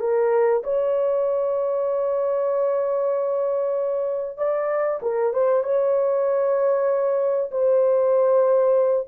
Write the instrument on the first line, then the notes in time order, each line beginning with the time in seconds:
horn
0.00 A#4
0.63 C#5
4.38 D5
5.02 A#4
5.33 C5
5.63 C#5
7.51 C5